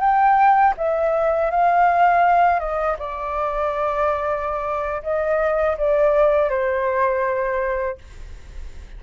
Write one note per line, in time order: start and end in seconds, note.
0.00 0.74 G5
0.77 1.51 E5
1.51 2.60 F5
2.60 2.97 D#5
2.99 5.03 D5
5.03 5.77 D#5
5.78 6.50 D5
6.50 7.98 C5